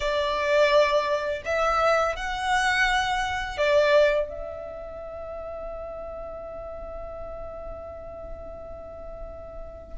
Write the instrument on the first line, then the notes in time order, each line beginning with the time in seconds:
violin
0.00 D5
1.44 E5
2.16 F#5
3.57 D5
4.28 E5